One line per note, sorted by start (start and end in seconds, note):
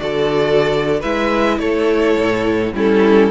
0.00 1.03 D3
0.00 1.01 F#4
0.00 1.00 A4
0.00 1.01 D5
1.00 1.59 G#3
1.00 2.75 E4
1.00 1.58 B4
1.00 1.59 E5
1.59 2.17 A3
1.59 2.75 A4
1.59 2.75 C#5
2.18 2.73 A2
2.73 3.31 G3
2.73 3.31 C#4
2.73 3.31 E4
2.73 3.31 A4